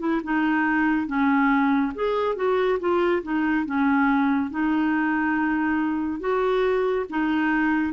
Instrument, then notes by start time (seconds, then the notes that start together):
clarinet
0.00 E4
0.24 D#4
1.07 C#4
1.95 G#4
2.36 F#4
2.80 F4
3.23 D#4
3.66 C#4
4.50 D#4
6.20 F#4
7.10 D#4